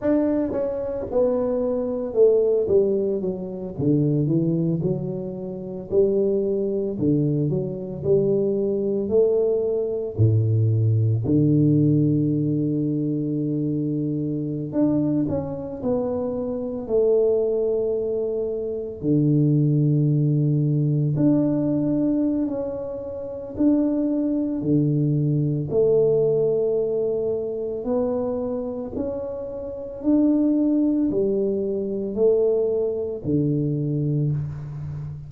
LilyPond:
\new Staff \with { instrumentName = "tuba" } { \time 4/4 \tempo 4 = 56 d'8 cis'8 b4 a8 g8 fis8 d8 | e8 fis4 g4 d8 fis8 g8~ | g8 a4 a,4 d4.~ | d4.~ d16 d'8 cis'8 b4 a16~ |
a4.~ a16 d2 d'16~ | d'4 cis'4 d'4 d4 | a2 b4 cis'4 | d'4 g4 a4 d4 | }